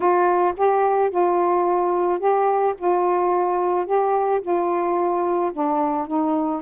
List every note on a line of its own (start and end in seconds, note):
0.00 0.54 F4
0.57 1.10 G4
1.10 2.19 F4
2.19 2.74 G4
2.77 3.86 F4
3.86 4.41 G4
4.41 5.51 F4
5.52 6.07 D4
6.07 6.62 D#4